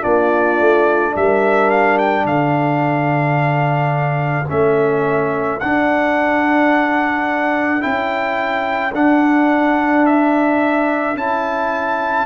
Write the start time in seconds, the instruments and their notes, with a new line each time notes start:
0.00 tuba A#3, trombone D4, horn F4, trumpet D5
0.59 tuba A3
1.16 tuba G3, horn A#4, trumpet E5
1.70 trumpet F5
1.98 trumpet G5
2.25 tuba D3, horn A4, trumpet F5
4.49 tuba A3, trombone C#4, trumpet E5
5.60 tuba D4, trombone D4, trumpet F#5
7.80 tuba C#4, trombone E4, trumpet G5
8.93 tuba D4, trombone D4, trumpet F#5
10.06 trumpet E5
11.14 tuba C#4, trombone E4, trumpet A5